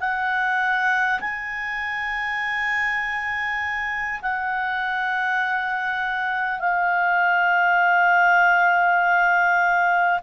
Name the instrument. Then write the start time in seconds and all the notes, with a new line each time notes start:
clarinet
0.00 F#5
1.21 G#5
4.22 F#5
6.60 F5